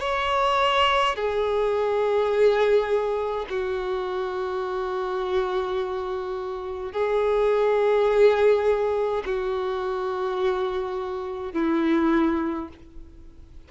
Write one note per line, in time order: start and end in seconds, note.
0.00 1.15 C#5
1.15 3.46 G#4
3.50 6.92 F#4
6.92 9.23 G#4
9.26 11.53 F#4
11.53 12.68 E4